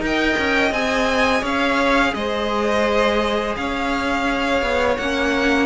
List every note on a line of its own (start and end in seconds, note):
0.00 0.36 D#4
0.00 0.71 A#4
0.00 0.73 G5
0.06 1.41 D#5
0.38 0.72 C#4
0.72 1.42 C4
0.72 4.96 G#4
0.72 1.43 G#5
1.41 2.13 C#4
1.41 2.11 C#5
1.41 2.14 F5
2.14 3.56 G#3
2.14 3.58 C5
2.14 3.55 D#5
3.56 4.62 C#4
3.56 5.66 C#5
3.56 4.97 F5
4.62 4.97 B3
4.97 5.66 A#3
4.97 5.66 C#4
4.97 5.66 F#5